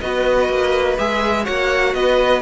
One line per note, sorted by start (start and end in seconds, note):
0.00 0.48 B3
0.00 0.97 F#4
0.00 1.44 B4
0.00 0.97 D#5
0.48 0.97 A#3
0.97 1.47 G#3
0.97 1.44 G#4
0.97 1.45 E5
1.44 1.94 A#3
1.44 2.42 F#4
1.44 1.92 C#5
1.44 1.94 F#5
1.94 2.42 B3
1.94 2.42 B4
1.94 2.42 D#5